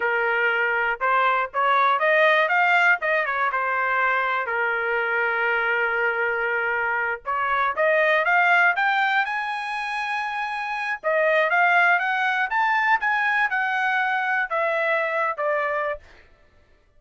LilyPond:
\new Staff \with { instrumentName = "trumpet" } { \time 4/4 \tempo 4 = 120 ais'2 c''4 cis''4 | dis''4 f''4 dis''8 cis''8 c''4~ | c''4 ais'2.~ | ais'2~ ais'8 cis''4 dis''8~ |
dis''8 f''4 g''4 gis''4.~ | gis''2 dis''4 f''4 | fis''4 a''4 gis''4 fis''4~ | fis''4 e''4.~ e''16 d''4~ d''16 | }